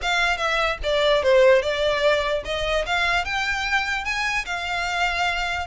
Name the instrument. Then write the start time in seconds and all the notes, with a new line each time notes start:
violin
0.02 F5
0.37 E5
0.83 D5
1.23 C5
1.62 D5
2.44 D#5
2.86 F5
3.25 G5
4.04 G#5
4.45 F5